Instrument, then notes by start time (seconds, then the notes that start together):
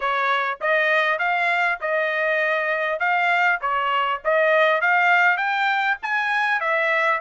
trumpet
0.00 C#5
0.60 D#5
1.18 F5
1.80 D#5
2.99 F5
3.61 C#5
4.24 D#5
4.81 F5
5.37 G5
6.02 G#5
6.60 E5